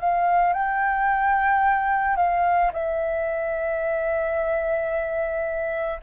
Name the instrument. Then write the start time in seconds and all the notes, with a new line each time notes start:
flute
0.00 F5
0.53 G5
2.16 F5
2.73 E5